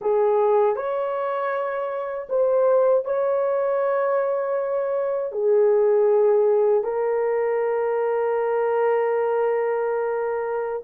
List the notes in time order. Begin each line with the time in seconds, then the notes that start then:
0.01 G#4
0.76 C#5
2.29 C5
3.04 C#5
5.32 G#4
6.83 A#4